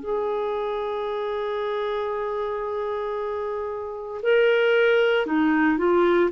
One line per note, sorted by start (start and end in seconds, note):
0.00 4.21 G#4
4.22 5.26 A#4
5.26 5.78 D#4
5.78 6.31 F4